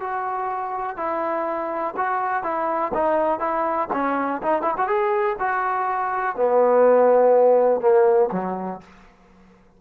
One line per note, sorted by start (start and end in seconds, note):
0.00 0.97 F#4
0.97 1.94 E4
1.97 2.43 F#4
2.43 2.92 E4
2.94 3.39 D#4
3.39 3.88 E4
3.93 4.42 C#4
4.42 4.62 D#4
4.62 4.74 E4
4.77 4.88 F#4
4.88 5.36 G#4
5.39 6.36 F#4
6.36 7.81 B3
7.81 8.29 A#3
8.32 8.81 F#3